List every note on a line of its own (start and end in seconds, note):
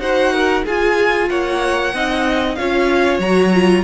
0.00 0.64 D#4
0.00 0.65 F#4
0.00 0.33 C5
0.00 0.64 F#5
0.33 0.65 A#4
0.65 1.93 F4
0.65 1.30 F4
0.65 1.29 G#4
0.65 1.29 G#5
1.29 1.93 A#3
1.29 1.94 C#5
1.29 2.55 F#5
1.93 2.57 C4
1.93 2.58 D#4
1.93 2.58 D#5
2.55 3.19 C#4
2.55 3.22 F4
2.55 3.84 C#5
2.55 3.19 F5
3.19 3.83 F#3
3.19 3.53 F#4
3.19 3.84 A#5
3.53 3.84 F4